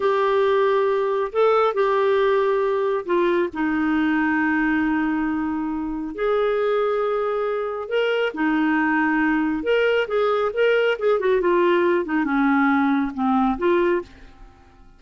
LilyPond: \new Staff \with { instrumentName = "clarinet" } { \time 4/4 \tempo 4 = 137 g'2. a'4 | g'2. f'4 | dis'1~ | dis'2 gis'2~ |
gis'2 ais'4 dis'4~ | dis'2 ais'4 gis'4 | ais'4 gis'8 fis'8 f'4. dis'8 | cis'2 c'4 f'4 | }